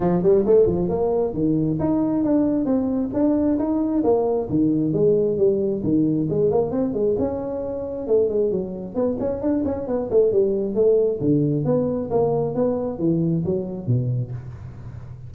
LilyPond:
\new Staff \with { instrumentName = "tuba" } { \time 4/4 \tempo 4 = 134 f8 g8 a8 f8 ais4 dis4 | dis'4 d'4 c'4 d'4 | dis'4 ais4 dis4 gis4 | g4 dis4 gis8 ais8 c'8 gis8 |
cis'2 a8 gis8 fis4 | b8 cis'8 d'8 cis'8 b8 a8 g4 | a4 d4 b4 ais4 | b4 e4 fis4 b,4 | }